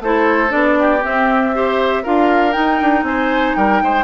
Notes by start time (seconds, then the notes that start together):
0.00 A3 E4 A4 C5
0.49 B3 D4 D5
0.79 G4
1.01 C4 E5
1.54 G4 C5
2.03 D4 F4 A#4 F5
2.52 D#4 G5
2.81 D4
3.03 C4 C5 G#5
3.55 G3 A#4 G5
3.83 G#3 C5